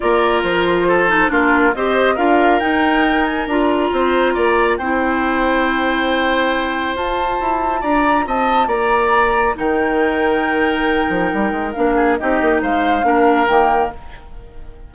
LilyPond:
<<
  \new Staff \with { instrumentName = "flute" } { \time 4/4 \tempo 4 = 138 d''4 c''2 ais'4 | dis''4 f''4 g''4. gis''8 | ais''2. g''4~ | g''1 |
a''2 ais''4 a''4 | ais''2 g''2~ | g''2. f''4 | dis''4 f''2 g''4 | }
  \new Staff \with { instrumentName = "oboe" } { \time 4/4 ais'2 a'4 f'4 | c''4 ais'2.~ | ais'4 c''4 d''4 c''4~ | c''1~ |
c''2 d''4 dis''4 | d''2 ais'2~ | ais'2.~ ais'8 gis'8 | g'4 c''4 ais'2 | }
  \new Staff \with { instrumentName = "clarinet" } { \time 4/4 f'2~ f'8 dis'8 d'4 | g'4 f'4 dis'2 | f'2. e'4~ | e'1 |
f'1~ | f'2 dis'2~ | dis'2. d'4 | dis'2 d'4 ais4 | }
  \new Staff \with { instrumentName = "bassoon" } { \time 4/4 ais4 f2 ais4 | c'4 d'4 dis'2 | d'4 c'4 ais4 c'4~ | c'1 |
f'4 e'4 d'4 c'4 | ais2 dis2~ | dis4. f8 g8 gis8 ais4 | c'8 ais8 gis4 ais4 dis4 | }
>>